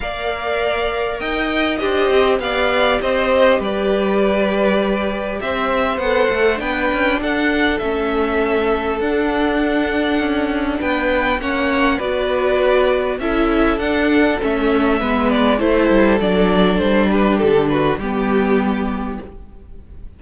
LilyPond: <<
  \new Staff \with { instrumentName = "violin" } { \time 4/4 \tempo 4 = 100 f''2 g''4 dis''4 | f''4 dis''4 d''2~ | d''4 e''4 fis''4 g''4 | fis''4 e''2 fis''4~ |
fis''2 g''4 fis''4 | d''2 e''4 fis''4 | e''4. d''8 c''4 d''4 | c''8 b'8 a'8 b'8 g'2 | }
  \new Staff \with { instrumentName = "violin" } { \time 4/4 d''2 dis''4 g'4 | d''4 c''4 b'2~ | b'4 c''2 b'4 | a'1~ |
a'2 b'4 cis''4 | b'2 a'2~ | a'4 b'4 a'2~ | a'8 g'4 fis'8 g'2 | }
  \new Staff \with { instrumentName = "viola" } { \time 4/4 ais'2. c''4 | g'1~ | g'2 a'4 d'4~ | d'4 cis'2 d'4~ |
d'2. cis'4 | fis'2 e'4 d'4 | cis'4 b4 e'4 d'4~ | d'2 b2 | }
  \new Staff \with { instrumentName = "cello" } { \time 4/4 ais2 dis'4 d'8 c'8 | b4 c'4 g2~ | g4 c'4 b8 a8 b8 cis'8 | d'4 a2 d'4~ |
d'4 cis'4 b4 ais4 | b2 cis'4 d'4 | a4 gis4 a8 g8 fis4 | g4 d4 g2 | }
>>